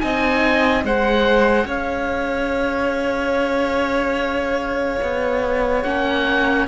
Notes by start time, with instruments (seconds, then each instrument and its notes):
0.00 cello C4, viola D#4, violin D#5, oboe G#5
0.84 cello G#3, viola G#4, violin C5, oboe F#5
1.65 cello C#4, violin C#5, oboe F5
5.02 cello B3
5.83 cello A#3, viola C#4, oboe F#5